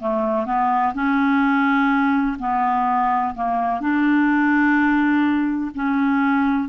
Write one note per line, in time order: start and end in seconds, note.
0.00 0.46 A3
0.46 0.94 B3
0.94 2.37 C#4
2.39 3.35 B3
3.35 3.81 A#3
3.81 5.71 D4
5.75 6.69 C#4